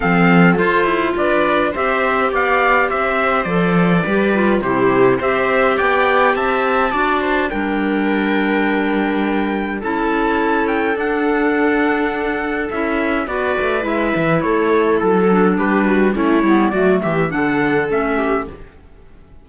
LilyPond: <<
  \new Staff \with { instrumentName = "trumpet" } { \time 4/4 \tempo 4 = 104 f''4 c''4 d''4 e''4 | f''4 e''4 d''2 | c''4 e''4 g''4 a''4~ | a''4 g''2.~ |
g''4 a''4. g''8 fis''4~ | fis''2 e''4 d''4 | e''4 cis''4 a'4 b'4 | cis''4 d''8 e''8 fis''4 e''4 | }
  \new Staff \with { instrumentName = "viola" } { \time 4/4 a'2 b'4 c''4 | d''4 c''2 b'4 | g'4 c''4 d''4 e''4 | d''8 c''8 ais'2.~ |
ais'4 a'2.~ | a'2. b'4~ | b'4 a'2 g'8 fis'8 | e'4 fis'8 g'8 a'4. g'8 | }
  \new Staff \with { instrumentName = "clarinet" } { \time 4/4 c'4 f'2 g'4~ | g'2 a'4 g'8 f'8 | e'4 g'2. | fis'4 d'2.~ |
d'4 e'2 d'4~ | d'2 e'4 fis'4 | e'2~ e'8 d'4. | cis'8 b8 a4 d'4 cis'4 | }
  \new Staff \with { instrumentName = "cello" } { \time 4/4 f4 f'8 e'8 d'4 c'4 | b4 c'4 f4 g4 | c4 c'4 b4 c'4 | d'4 g2.~ |
g4 cis'2 d'4~ | d'2 cis'4 b8 a8 | gis8 e8 a4 fis4 g4 | a8 g8 fis8 e8 d4 a4 | }
>>